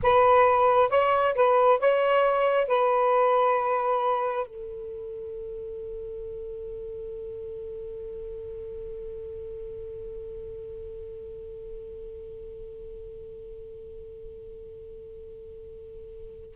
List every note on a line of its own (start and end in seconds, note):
0.02 0.89 B4
0.89 1.34 C#5
1.34 1.79 B4
1.79 2.67 C#5
2.67 4.46 B4
4.46 16.55 A4